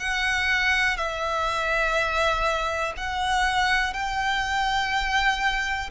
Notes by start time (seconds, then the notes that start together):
0.00 F#5
0.97 E5
2.97 F#5
3.94 G5